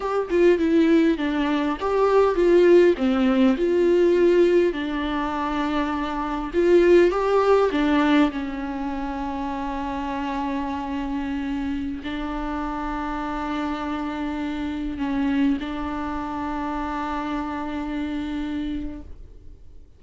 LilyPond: \new Staff \with { instrumentName = "viola" } { \time 4/4 \tempo 4 = 101 g'8 f'8 e'4 d'4 g'4 | f'4 c'4 f'2 | d'2. f'4 | g'4 d'4 cis'2~ |
cis'1~ | cis'16 d'2.~ d'8.~ | d'4~ d'16 cis'4 d'4.~ d'16~ | d'1 | }